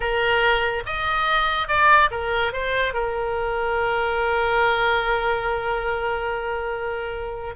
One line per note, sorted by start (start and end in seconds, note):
0.00 0.83 A#4
0.86 1.68 D#5
1.68 2.10 D5
2.11 2.53 A#4
2.53 2.93 C5
2.93 7.55 A#4